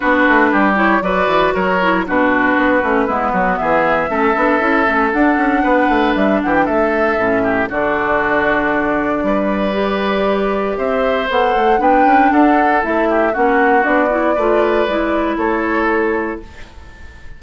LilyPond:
<<
  \new Staff \with { instrumentName = "flute" } { \time 4/4 \tempo 4 = 117 b'4. cis''8 d''4 cis''4 | b'2. e''4~ | e''2 fis''2 | e''8 fis''16 g''16 e''2 d''4~ |
d''1~ | d''4 e''4 fis''4 g''4 | fis''4 e''4 fis''4 d''4~ | d''2 cis''2 | }
  \new Staff \with { instrumentName = "oboe" } { \time 4/4 fis'4 g'4 b'4 ais'4 | fis'2 e'8 fis'8 gis'4 | a'2. b'4~ | b'8 g'8 a'4. g'8 fis'4~ |
fis'2 b'2~ | b'4 c''2 b'4 | a'4. g'8 fis'2 | b'2 a'2 | }
  \new Staff \with { instrumentName = "clarinet" } { \time 4/4 d'4. e'8 fis'4. e'8 | d'4. cis'8 b2 | cis'8 d'8 e'8 cis'8 d'2~ | d'2 cis'4 d'4~ |
d'2. g'4~ | g'2 a'4 d'4~ | d'4 e'4 cis'4 d'8 e'8 | f'4 e'2. | }
  \new Staff \with { instrumentName = "bassoon" } { \time 4/4 b8 a8 g4 fis8 e8 fis4 | b,4 b8 a8 gis8 fis8 e4 | a8 b8 cis'8 a8 d'8 cis'8 b8 a8 | g8 e8 a4 a,4 d4~ |
d2 g2~ | g4 c'4 b8 a8 b8 cis'8 | d'4 a4 ais4 b4 | a4 gis4 a2 | }
>>